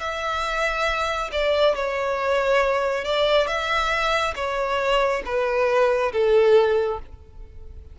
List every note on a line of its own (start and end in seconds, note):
0.00 1.30 E5
1.32 1.75 D5
1.75 3.04 C#5
3.04 3.47 D5
3.47 4.34 E5
4.36 5.23 C#5
5.25 6.12 B4
6.13 7.00 A4